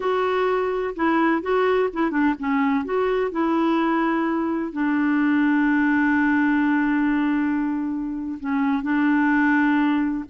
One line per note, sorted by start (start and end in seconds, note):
0.00 0.94 F#4
0.95 1.42 E4
1.42 1.89 F#4
1.93 2.10 E4
2.10 2.34 D4
2.39 2.84 C#4
2.84 3.31 F#4
3.31 4.72 E4
4.72 8.38 D4
8.40 8.82 C#4
8.82 10.24 D4